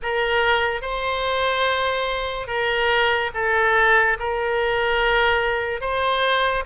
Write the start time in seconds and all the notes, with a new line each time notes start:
0.02 A#4
0.81 C5
2.47 A#4
3.34 A4
4.19 A#4
5.80 C5